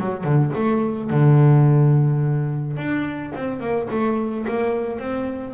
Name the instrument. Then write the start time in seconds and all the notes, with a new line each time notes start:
double bass
0.00 F#3
0.24 D3
0.55 A3
1.10 D3
2.77 D4
3.35 C4
3.60 A#3
3.91 A3
4.48 A#3
4.99 C4